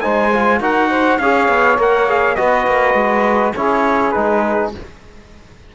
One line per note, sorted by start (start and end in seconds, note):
0.00 0.60 G#3
0.00 0.31 D#4
0.00 0.59 C5
0.00 0.59 G#5
0.33 0.61 F4
0.59 1.18 D#4
0.59 1.20 F#4
0.59 0.88 A#4
0.59 1.18 F#5
0.89 1.19 C5
1.18 1.48 C#4
1.18 1.78 G#4
1.18 2.36 C#5
1.18 1.77 F5
1.48 1.77 B3
1.77 2.36 A#3
1.77 2.07 A#4
1.77 2.10 F#5
2.07 2.36 G#4
2.07 2.35 F5
2.35 2.67 B3
2.35 3.54 F#4
2.35 3.55 B4
2.35 3.53 D#5
2.67 2.94 A#3
2.94 3.52 G#3
3.55 4.14 C#4
3.55 4.13 E4
3.55 4.74 G#4
3.55 4.11 C#5
4.11 4.74 G#3
4.11 4.72 D#4
4.11 4.69 B4